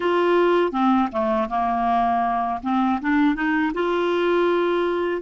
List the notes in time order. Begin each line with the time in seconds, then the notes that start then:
0.00 F4
0.72 C4
1.11 A3
1.49 A#3
2.63 C4
3.01 D4
3.35 D#4
3.73 F4